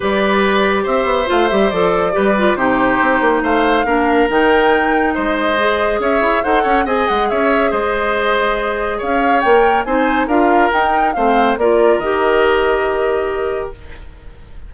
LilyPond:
<<
  \new Staff \with { instrumentName = "flute" } { \time 4/4 \tempo 4 = 140 d''2 e''4 f''8 e''8 | d''2 c''2 | f''2 g''2 | dis''2 e''4 fis''4 |
gis''8 fis''8 e''4 dis''2~ | dis''4 f''4 g''4 gis''4 | f''4 g''4 f''4 d''4 | dis''1 | }
  \new Staff \with { instrumentName = "oboe" } { \time 4/4 b'2 c''2~ | c''4 b'4 g'2 | c''4 ais'2. | c''2 cis''4 c''8 cis''8 |
dis''4 cis''4 c''2~ | c''4 cis''2 c''4 | ais'2 c''4 ais'4~ | ais'1 | }
  \new Staff \with { instrumentName = "clarinet" } { \time 4/4 g'2. f'8 g'8 | a'4 g'8 f'8 dis'2~ | dis'4 d'4 dis'2~ | dis'4 gis'2 a'4 |
gis'1~ | gis'2 ais'4 dis'4 | f'4 dis'4 c'4 f'4 | g'1 | }
  \new Staff \with { instrumentName = "bassoon" } { \time 4/4 g2 c'8 b8 a8 g8 | f4 g4 c4 c'8 ais8 | a4 ais4 dis2 | gis2 cis'8 e'8 dis'8 cis'8 |
c'8 gis8 cis'4 gis2~ | gis4 cis'4 ais4 c'4 | d'4 dis'4 a4 ais4 | dis1 | }
>>